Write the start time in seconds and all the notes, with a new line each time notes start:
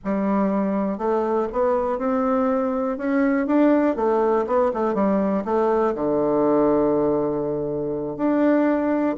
0.04 G3
0.98 A3
1.52 B3
1.98 C4
2.97 C#4
3.46 D4
3.96 A3
4.47 B3
4.73 A3
4.94 G3
5.44 A3
5.94 D3
8.16 D4